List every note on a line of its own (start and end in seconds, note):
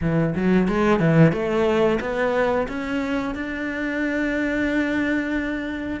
0.01 0.34 E3
0.35 0.68 F#3
0.68 0.99 G#3
0.99 1.32 E3
1.32 1.99 A3
2.00 2.67 B3
2.68 3.35 C#4
3.35 6.00 D4